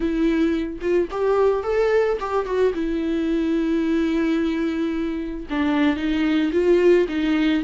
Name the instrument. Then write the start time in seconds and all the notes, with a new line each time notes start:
viola
0.00 E4
0.81 F4
1.10 G4
1.63 A4
2.19 G4
2.45 F#4
2.73 E4
5.49 D4
5.96 D#4
6.52 F4
7.08 D#4